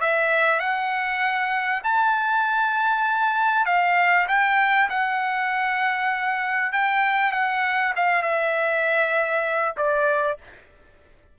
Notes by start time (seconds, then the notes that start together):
0.00 E5
0.59 F#5
1.83 A5
3.65 F5
4.27 G5
4.89 F#5
6.72 G5
7.32 F#5
7.95 F5
8.22 E5
9.76 D5